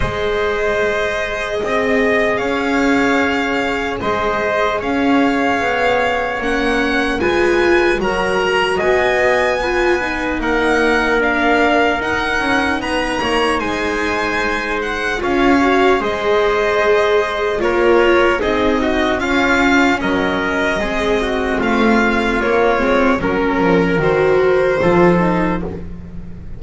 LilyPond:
<<
  \new Staff \with { instrumentName = "violin" } { \time 4/4 \tempo 4 = 75 dis''2. f''4~ | f''4 dis''4 f''2 | fis''4 gis''4 ais''4 gis''4~ | gis''4 fis''4 f''4 fis''4 |
ais''4 gis''4. fis''8 f''4 | dis''2 cis''4 dis''4 | f''4 dis''2 f''4 | cis''4 ais'4 c''2 | }
  \new Staff \with { instrumentName = "trumpet" } { \time 4/4 c''2 dis''4 cis''4~ | cis''4 c''4 cis''2~ | cis''4 b'4 ais'4 dis''4 | b'4 ais'2. |
b'8 cis''8 c''2 cis''4 | c''2 ais'4 gis'8 fis'8 | f'4 ais'4 gis'8 fis'8 f'4~ | f'4 ais'2 a'4 | }
  \new Staff \with { instrumentName = "viola" } { \time 4/4 gis'1~ | gis'1 | cis'4 f'4 fis'2 | f'8 dis'4. d'4 dis'4~ |
dis'2. f'8 fis'8 | gis'2 f'4 dis'4 | cis'2 c'2 | ais8 c'8 cis'4 fis'4 f'8 dis'8 | }
  \new Staff \with { instrumentName = "double bass" } { \time 4/4 gis2 c'4 cis'4~ | cis'4 gis4 cis'4 b4 | ais4 gis4 fis4 b4~ | b4 ais2 dis'8 cis'8 |
b8 ais8 gis2 cis'4 | gis2 ais4 c'4 | cis'4 fis4 gis4 a4 | ais8 gis8 fis8 f8 dis4 f4 | }
>>